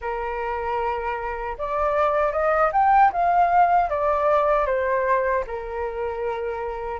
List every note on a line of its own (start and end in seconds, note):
0.01 1.57 A#4
1.58 2.32 D5
2.32 2.71 D#5
2.72 3.11 G5
3.12 3.89 F5
3.89 4.66 D5
4.66 5.44 C5
5.47 7.00 A#4